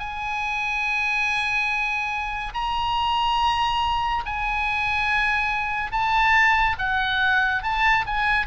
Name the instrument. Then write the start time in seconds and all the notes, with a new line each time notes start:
oboe
0.00 G#5
2.55 A#5
4.26 G#5
5.92 A5
6.79 F#5
7.63 A5
8.07 G#5